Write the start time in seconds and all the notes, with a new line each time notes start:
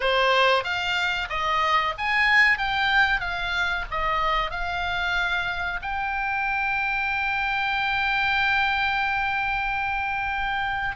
0.00 C5
0.64 F5
1.29 D#5
1.98 G#5
2.57 G5
3.20 F5
3.90 D#5
4.50 F5
5.82 G5